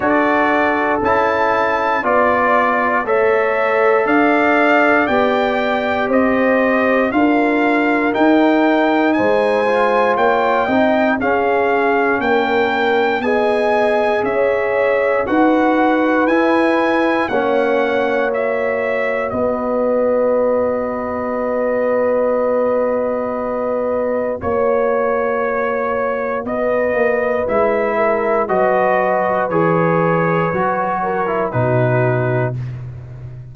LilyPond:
<<
  \new Staff \with { instrumentName = "trumpet" } { \time 4/4 \tempo 4 = 59 d''4 a''4 d''4 e''4 | f''4 g''4 dis''4 f''4 | g''4 gis''4 g''4 f''4 | g''4 gis''4 e''4 fis''4 |
gis''4 fis''4 e''4 dis''4~ | dis''1 | cis''2 dis''4 e''4 | dis''4 cis''2 b'4 | }
  \new Staff \with { instrumentName = "horn" } { \time 4/4 a'2 d''4 cis''4 | d''2 c''4 ais'4~ | ais'4 c''4 cis''8 dis''8 gis'4 | ais'4 dis''4 cis''4 b'4~ |
b'4 cis''2 b'4~ | b'1 | cis''2 b'4. ais'8 | b'2~ b'8 ais'8 fis'4 | }
  \new Staff \with { instrumentName = "trombone" } { \time 4/4 fis'4 e'4 f'4 a'4~ | a'4 g'2 f'4 | dis'4. f'4 dis'8 cis'4~ | cis'4 gis'2 fis'4 |
e'4 cis'4 fis'2~ | fis'1~ | fis'2. e'4 | fis'4 gis'4 fis'8. e'16 dis'4 | }
  \new Staff \with { instrumentName = "tuba" } { \time 4/4 d'4 cis'4 b4 a4 | d'4 b4 c'4 d'4 | dis'4 gis4 ais8 c'8 cis'4 | ais4 b4 cis'4 dis'4 |
e'4 ais2 b4~ | b1 | ais2 b8 ais8 gis4 | fis4 e4 fis4 b,4 | }
>>